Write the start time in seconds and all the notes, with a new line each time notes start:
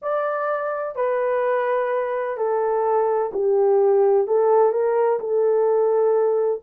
0.02 D5
0.95 B4
2.37 A4
3.33 G4
4.27 A4
4.71 A#4
5.19 A4